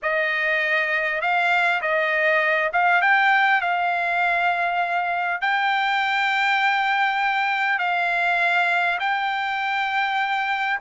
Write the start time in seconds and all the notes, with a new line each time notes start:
0.02 D#5
1.21 F5
1.81 D#5
2.72 F5
3.01 G5
3.61 F5
5.41 G5
7.78 F5
8.99 G5